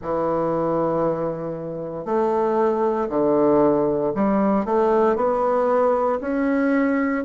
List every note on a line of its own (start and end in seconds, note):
0.02 2.05 E3
2.05 3.08 A3
3.09 4.12 D3
4.14 4.65 G3
4.65 5.15 A3
5.15 6.19 B3
6.21 7.24 C#4